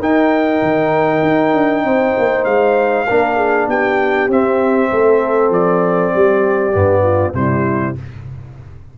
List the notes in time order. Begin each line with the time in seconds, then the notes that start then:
0.00 D#4 A#4 G5
0.63 D#3
1.23 D#4
1.54 D4
1.84 C4 C5
2.18 A#3
2.45 G#3 F5
3.07 A#3 D4 A#4
3.37 G#4
3.68 B3 G4 G5
4.29 C4 E5
4.92 A3 A4
5.50 F3 D5
6.15 G3 G4
6.73 G2 B3
7.03 F4
7.35 C3 G3 E4 C5